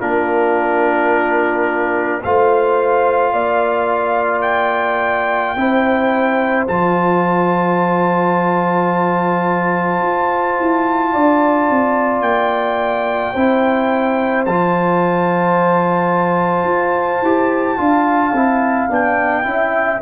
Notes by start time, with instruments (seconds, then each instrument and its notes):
0.00 tuba A#3, trombone D4, horn F4, trumpet A#4
2.24 tuba A3, trombone F4, horn C5, trumpet F5
3.33 tuba A#3, horn D5
4.42 trumpet G5
5.56 tuba C4, trombone E4, horn C5
6.68 tuba F3, trombone F4, trumpet A5
10.02 tuba F4
10.60 tuba E4
11.13 tuba D4, horn D5
11.70 tuba C4
12.21 tuba A#3, trumpet G5
13.34 tuba C4, trombone E4, horn C5
14.46 tuba F3, trombone F4, trumpet A5
16.64 tuba F4
17.22 tuba E4, trombone G4
17.77 tuba D4, trombone F4, horn F5
18.33 tuba C4, trombone E4
18.90 tuba B3, trombone D4, trumpet G5
19.44 tuba C#4, trombone E4, horn E5